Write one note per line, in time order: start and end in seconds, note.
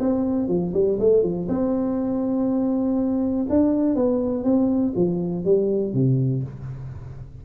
0.00 0.48 C4
0.48 0.73 F3
0.74 0.99 G3
1.00 1.23 A3
1.23 1.48 F3
1.48 3.47 C4
3.50 3.95 D4
3.95 4.44 B3
4.44 4.94 C4
4.96 5.45 F3
5.45 5.93 G3
5.93 6.43 C3